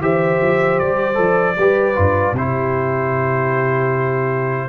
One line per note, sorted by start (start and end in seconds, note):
0.00 0.39 E3
0.00 1.14 G4
0.00 1.58 C5
0.00 0.79 E5
0.42 0.81 F3
0.79 1.18 G3
0.79 2.35 D5
1.14 1.57 F3
1.14 1.53 A4
1.58 1.97 G3
1.58 1.95 G4
1.58 2.36 B4
1.95 2.33 G2
1.95 2.34 F4
2.33 4.67 C3
2.33 4.69 E4
2.33 4.69 G4
2.33 4.69 C5